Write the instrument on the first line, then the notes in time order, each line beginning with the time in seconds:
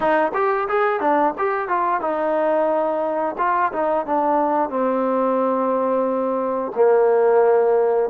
trombone
0.00 D#4
0.34 G4
0.68 G#4
1.00 D4
1.38 G4
1.68 F4
2.00 D#4
3.38 F4
3.72 D#4
4.06 D4
4.69 C4
6.75 A#3